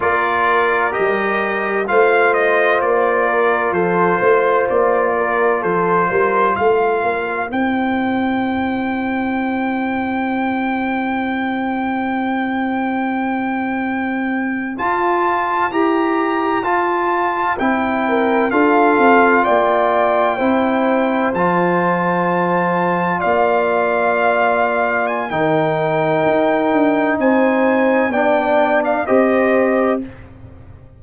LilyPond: <<
  \new Staff \with { instrumentName = "trumpet" } { \time 4/4 \tempo 4 = 64 d''4 dis''4 f''8 dis''8 d''4 | c''4 d''4 c''4 f''4 | g''1~ | g''2.~ g''8. a''16~ |
a''8. ais''4 a''4 g''4 f''16~ | f''8. g''2 a''4~ a''16~ | a''8. f''2 gis''16 g''4~ | g''4 gis''4 g''8. f''16 dis''4 | }
  \new Staff \with { instrumentName = "horn" } { \time 4/4 ais'2 c''4. ais'8 | a'8 c''4 ais'8 a'8 ais'8 c''4~ | c''1~ | c''1~ |
c''2.~ c''16 ais'8 a'16~ | a'8. d''4 c''2~ c''16~ | c''8. d''2~ d''16 ais'4~ | ais'4 c''4 d''4 c''4 | }
  \new Staff \with { instrumentName = "trombone" } { \time 4/4 f'4 g'4 f'2~ | f'1 | e'1~ | e'2.~ e'8. f'16~ |
f'8. g'4 f'4 e'4 f'16~ | f'4.~ f'16 e'4 f'4~ f'16~ | f'2. dis'4~ | dis'2 d'4 g'4 | }
  \new Staff \with { instrumentName = "tuba" } { \time 4/4 ais4 g4 a4 ais4 | f8 a8 ais4 f8 g8 a8 ais8 | c'1~ | c'2.~ c'8. f'16~ |
f'8. e'4 f'4 c'4 d'16~ | d'16 c'8 ais4 c'4 f4~ f16~ | f8. ais2~ ais16 dis4 | dis'8 d'8 c'4 b4 c'4 | }
>>